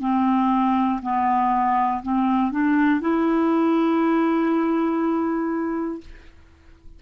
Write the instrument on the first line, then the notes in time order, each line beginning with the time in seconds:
clarinet
0.00 C4
1.02 B3
2.02 C4
2.51 D4
3.01 E4